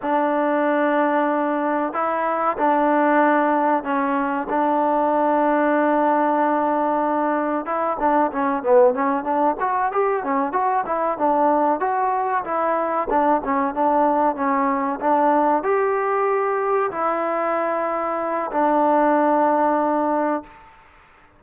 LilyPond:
\new Staff \with { instrumentName = "trombone" } { \time 4/4 \tempo 4 = 94 d'2. e'4 | d'2 cis'4 d'4~ | d'1 | e'8 d'8 cis'8 b8 cis'8 d'8 fis'8 g'8 |
cis'8 fis'8 e'8 d'4 fis'4 e'8~ | e'8 d'8 cis'8 d'4 cis'4 d'8~ | d'8 g'2 e'4.~ | e'4 d'2. | }